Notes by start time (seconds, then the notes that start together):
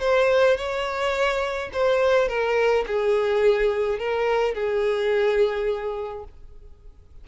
0.00 C5
0.57 C#5
1.73 C5
2.28 A#4
2.87 G#4
3.99 A#4
4.54 G#4